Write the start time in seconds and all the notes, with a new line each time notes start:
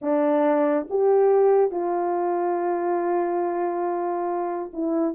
0.01 D4
0.89 G4
1.71 F4
4.73 E4